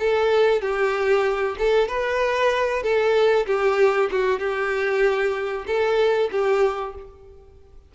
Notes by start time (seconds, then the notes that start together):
0.00 A4
0.62 G4
1.59 A4
1.88 B4
2.83 A4
3.47 G4
4.12 F#4
4.40 G4
5.67 A4
6.32 G4